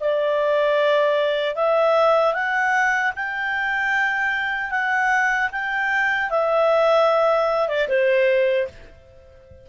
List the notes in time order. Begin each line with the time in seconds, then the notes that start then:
0.00 D5
1.55 E5
2.34 F#5
3.15 G5
4.70 F#5
5.52 G5
6.30 E5
7.68 D5
7.88 C5